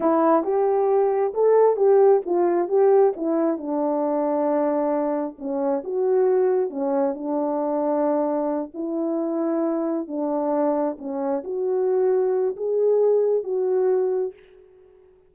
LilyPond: \new Staff \with { instrumentName = "horn" } { \time 4/4 \tempo 4 = 134 e'4 g'2 a'4 | g'4 f'4 g'4 e'4 | d'1 | cis'4 fis'2 cis'4 |
d'2.~ d'8 e'8~ | e'2~ e'8 d'4.~ | d'8 cis'4 fis'2~ fis'8 | gis'2 fis'2 | }